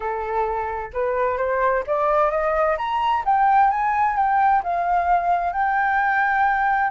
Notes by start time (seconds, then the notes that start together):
0.00 A4
0.93 B4
1.37 C5
1.86 D5
2.30 D#5
2.77 A#5
3.25 G5
3.70 G#5
4.16 G5
4.63 F5
5.53 G5